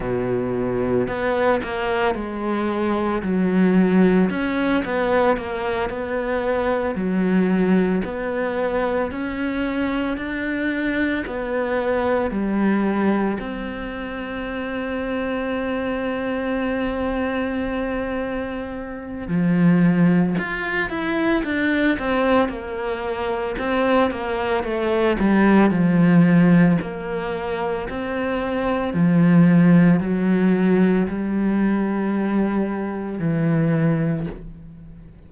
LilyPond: \new Staff \with { instrumentName = "cello" } { \time 4/4 \tempo 4 = 56 b,4 b8 ais8 gis4 fis4 | cis'8 b8 ais8 b4 fis4 b8~ | b8 cis'4 d'4 b4 g8~ | g8 c'2.~ c'8~ |
c'2 f4 f'8 e'8 | d'8 c'8 ais4 c'8 ais8 a8 g8 | f4 ais4 c'4 f4 | fis4 g2 e4 | }